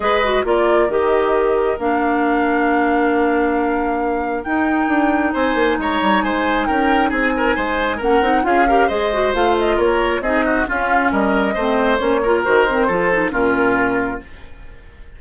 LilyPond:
<<
  \new Staff \with { instrumentName = "flute" } { \time 4/4 \tempo 4 = 135 dis''4 d''4 dis''2 | f''1~ | f''2 g''2 | gis''4 ais''4 gis''4 g''4 |
gis''2 fis''4 f''4 | dis''4 f''8 dis''8 cis''4 dis''4 | f''4 dis''2 cis''4 | c''2 ais'2 | }
  \new Staff \with { instrumentName = "oboe" } { \time 4/4 b'4 ais'2.~ | ais'1~ | ais'1 | c''4 cis''4 c''4 ais'4 |
gis'8 ais'8 c''4 ais'4 gis'8 ais'8 | c''2 ais'4 gis'8 fis'8 | f'4 ais'4 c''4. ais'8~ | ais'4 a'4 f'2 | }
  \new Staff \with { instrumentName = "clarinet" } { \time 4/4 gis'8 fis'8 f'4 g'2 | d'1~ | d'2 dis'2~ | dis'1~ |
dis'2 cis'8 dis'8 f'8 g'8 | gis'8 fis'8 f'2 dis'4 | cis'2 c'4 cis'8 f'8 | fis'8 c'8 f'8 dis'8 cis'2 | }
  \new Staff \with { instrumentName = "bassoon" } { \time 4/4 gis4 ais4 dis2 | ais1~ | ais2 dis'4 d'4 | c'8 ais8 gis8 g8 gis4 cis'4 |
c'4 gis4 ais8 c'8 cis'4 | gis4 a4 ais4 c'4 | cis'4 g4 a4 ais4 | dis4 f4 ais,2 | }
>>